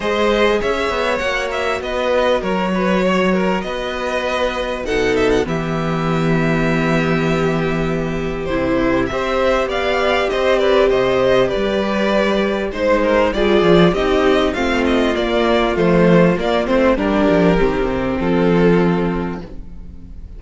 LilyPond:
<<
  \new Staff \with { instrumentName = "violin" } { \time 4/4 \tempo 4 = 99 dis''4 e''4 fis''8 e''8 dis''4 | cis''2 dis''2 | fis''8 e''16 fis''16 e''2.~ | e''2 c''4 e''4 |
f''4 dis''8 d''8 dis''4 d''4~ | d''4 c''4 d''4 dis''4 | f''8 dis''8 d''4 c''4 d''8 c''8 | ais'2 a'2 | }
  \new Staff \with { instrumentName = "violin" } { \time 4/4 c''4 cis''2 b'4 | ais'8 b'8 cis''8 ais'8 b'2 | a'4 g'2.~ | g'2. c''4 |
d''4 c''8 b'8 c''4 b'4~ | b'4 c''8 ais'8 gis'4 g'4 | f'1 | g'2 f'2 | }
  \new Staff \with { instrumentName = "viola" } { \time 4/4 gis'2 fis'2~ | fis'1 | dis'4 b2.~ | b2 e'4 g'4~ |
g'1~ | g'4 dis'4 f'4 dis'4 | c'4 ais4 a4 ais8 c'8 | d'4 c'2. | }
  \new Staff \with { instrumentName = "cello" } { \time 4/4 gis4 cis'8 b8 ais4 b4 | fis2 b2 | b,4 e2.~ | e2 c4 c'4 |
b4 c'4 c4 g4~ | g4 gis4 g8 f8 c'4 | a4 ais4 f4 ais8 a8 | g8 f8 dis8 c8 f2 | }
>>